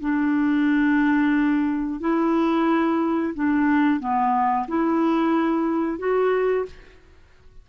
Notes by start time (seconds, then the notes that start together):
0.00 D4
2.00 E4
3.34 D4
4.00 B3
4.68 E4
5.98 F#4